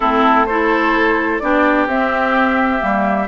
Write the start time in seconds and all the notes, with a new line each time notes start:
0.00 A3 C4 E4 A4
0.46 E4 A4 C5
1.39 B3 D4 G4 D5
1.87 C4 E5
2.79 G3 A#3